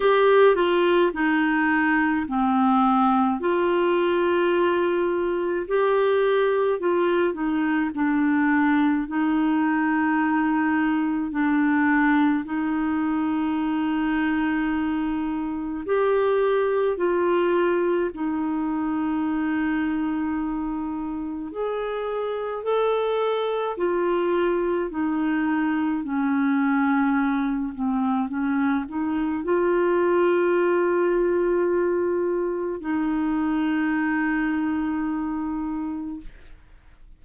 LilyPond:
\new Staff \with { instrumentName = "clarinet" } { \time 4/4 \tempo 4 = 53 g'8 f'8 dis'4 c'4 f'4~ | f'4 g'4 f'8 dis'8 d'4 | dis'2 d'4 dis'4~ | dis'2 g'4 f'4 |
dis'2. gis'4 | a'4 f'4 dis'4 cis'4~ | cis'8 c'8 cis'8 dis'8 f'2~ | f'4 dis'2. | }